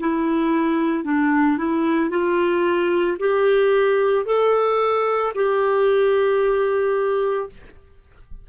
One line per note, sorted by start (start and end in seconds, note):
0.00 1.04 E4
1.04 1.58 D4
1.58 2.10 E4
2.10 3.17 F4
3.19 4.26 G4
4.26 5.33 A4
5.35 7.50 G4